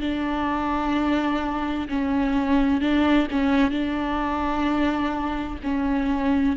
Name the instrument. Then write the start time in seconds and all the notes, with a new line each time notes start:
viola
0.00 D4
1.89 C#4
2.80 D4
3.31 C#4
3.71 D4
5.63 C#4